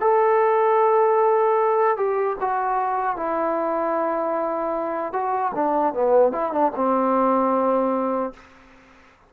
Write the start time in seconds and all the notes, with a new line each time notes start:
0.00 A4
1.97 G4
2.40 F#4
3.16 E4
5.12 F#4
5.54 D4
5.93 B3
6.32 E4
6.52 D4
6.75 C4